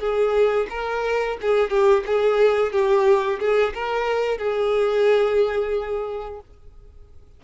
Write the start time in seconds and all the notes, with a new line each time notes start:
0.00 G#4
0.70 A#4
1.42 G#4
1.70 G4
2.06 G#4
2.72 G4
3.40 G#4
3.74 A#4
4.38 G#4